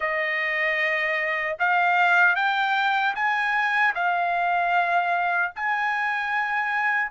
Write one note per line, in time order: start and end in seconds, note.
0.00 1.56 D#5
1.59 2.35 F5
2.35 3.14 G5
3.15 3.94 G#5
3.94 5.52 F5
5.55 7.11 G#5